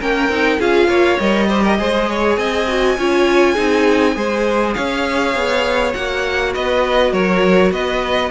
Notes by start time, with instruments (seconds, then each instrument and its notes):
0.00 cello A#3, viola C#4, violin A#4 G5
0.29 cello C4, viola D#4
0.59 cello C#4, viola F4, violin G#4 F5
0.87 cello A#3, violin C#5
1.19 cello G3, viola A#4, violin D#5
1.48 viola G4, violin C5
1.62 violin A#4
1.78 cello G#3, viola G#4, violin C5
2.09 violin C#5
2.36 cello C4, violin D#5 G#5
2.68 viola F#4
2.98 cello C#4, viola F4, violin C#5
3.53 cello C4, viola D#4, violin G#4
4.14 cello G#3, viola G#4, violin C5
4.74 cello C#4, violin C#5 F5
5.35 cello B3
5.94 cello A#3, viola F#4, violin F#5
6.53 cello B3, violin B4 D#5
7.12 cello F#3, violin A#4 C#5
7.71 cello B3, violin B4 D#5